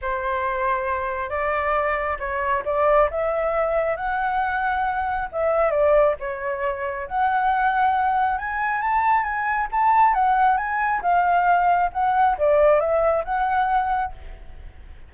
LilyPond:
\new Staff \with { instrumentName = "flute" } { \time 4/4 \tempo 4 = 136 c''2. d''4~ | d''4 cis''4 d''4 e''4~ | e''4 fis''2. | e''4 d''4 cis''2 |
fis''2. gis''4 | a''4 gis''4 a''4 fis''4 | gis''4 f''2 fis''4 | d''4 e''4 fis''2 | }